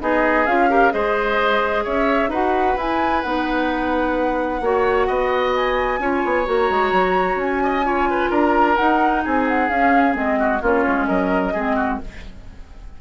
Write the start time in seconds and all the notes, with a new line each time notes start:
0.00 B3 D#4 G#4 D#5
0.46 C#4 F4 F5
0.69 G4 A#4
0.91 G#3 G#4 C5 D#5
1.84 C#4 C#5 E5
2.28 D#4 F#4 B4 F#5
2.77 E4 G#5
3.22 B3 D#4 F#5
4.61 A#3 F#4 C#5
5.07 B3 D#5
5.55 G#5
5.99 C#4 F4 C#5
6.25 B3
6.45 A#3 F#4 A#5
6.70 G#3
6.92 F#3
7.35 C#4 G#5
7.63 D#5
7.84 F4 C#5
8.10 B4
8.30 D4 A#4 A#5
8.77 D#4 F#5
9.24 C4 G#4 G#5
9.48 F#5
9.69 C#4 F5
10.13 G#3 C4 D#5
10.39 F#4
10.62 A#3 C#4 F4 C#5
10.87 G#3
11.06 F#3 A#4 D#5
11.53 G#3 C4 G#4
11.76 F#4